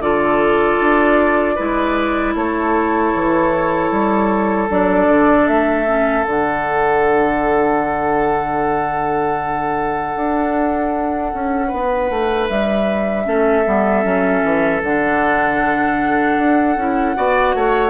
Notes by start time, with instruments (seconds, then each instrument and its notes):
0.00 bassoon D3, clarinet F4, oboe A4, flute D5
0.80 bassoon D4
1.56 bassoon G#3, clarinet E4, oboe B4
2.35 bassoon A3, oboe A4, flute C#5
3.15 bassoon E3
3.92 bassoon G3
4.69 bassoon F#3, clarinet D4, flute D5
5.08 bassoon D3
5.48 bassoon A3, flute E5
5.86 clarinet C#4
6.24 bassoon D3, clarinet D4, flute F#5
10.16 bassoon D4
11.34 bassoon C#4
11.68 bassoon B3, oboe B4
12.10 bassoon A3
12.49 bassoon G3, flute E5
13.25 bassoon A3, clarinet C#4, oboe A4
13.66 bassoon G3, clarinet B3
14.04 bassoon F#3, clarinet C#4
14.44 bassoon E3
14.83 bassoon D3, clarinet D4, flute F#5
16.38 bassoon D4
16.77 bassoon C#4, clarinet E4
17.15 bassoon B3, clarinet F#4, oboe D5
17.55 bassoon A3, oboe C#5